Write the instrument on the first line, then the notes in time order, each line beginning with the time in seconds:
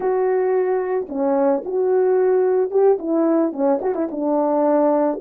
horn
0.00 F#4
1.08 C#4
1.65 F#4
2.70 G4
2.99 E4
3.52 C#4
3.81 F#4
3.94 E4
4.11 D4